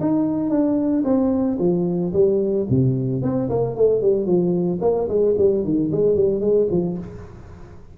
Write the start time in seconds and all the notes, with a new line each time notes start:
0.00 D#4
0.50 D4
1.04 C4
1.59 F3
2.13 G3
2.69 C3
3.22 C4
3.49 A#3
3.75 A3
4.02 G3
4.26 F3
4.81 A#3
5.08 G#3
5.38 G3
5.64 D#3
5.92 G#3
6.15 G3
6.41 G#3
6.71 F3